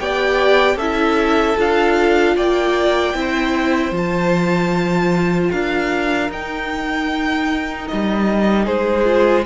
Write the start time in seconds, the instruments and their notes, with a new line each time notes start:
0.00 cello B3, viola G4, violin D5 G5
0.76 cello C#4, viola E4, violin A4 E5
1.58 cello D4, viola F4, violin F5
2.37 cello A#3, violin D5 G5
3.15 cello C4, viola E4, violin C5
3.92 cello F3, viola F4, violin A5
5.51 cello D4, violin A#4 F5
6.30 cello D#4, viola D#4, violin G5
7.88 cello G3, violin D#5
8.65 cello G#3, violin G#4 C5
9.05 viola F4